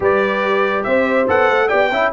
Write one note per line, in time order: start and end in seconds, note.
0.00 0.85 G3
0.00 1.27 G4
0.00 0.86 B4
0.00 0.83 D5
0.83 1.28 C4
0.83 1.68 C5
0.83 1.26 E5
1.27 1.49 B3
1.27 1.69 A4
1.27 1.68 F#5
1.49 1.70 A3
1.68 1.91 B3
1.68 1.90 G4
1.68 1.89 D5
1.68 2.11 G5
1.91 2.12 C#4
1.91 2.12 E4
1.91 2.12 E5